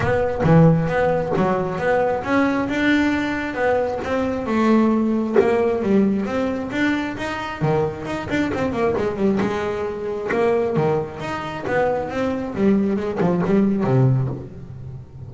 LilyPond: \new Staff \with { instrumentName = "double bass" } { \time 4/4 \tempo 4 = 134 b4 e4 b4 fis4 | b4 cis'4 d'2 | b4 c'4 a2 | ais4 g4 c'4 d'4 |
dis'4 dis4 dis'8 d'8 c'8 ais8 | gis8 g8 gis2 ais4 | dis4 dis'4 b4 c'4 | g4 gis8 f8 g4 c4 | }